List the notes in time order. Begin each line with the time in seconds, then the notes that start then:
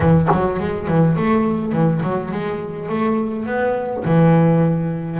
0.00 E3
0.31 F#3
0.59 G#3
0.87 E3
1.16 A3
1.72 E3
2.02 F#3
2.31 G#3
2.88 A3
3.46 B3
4.04 E3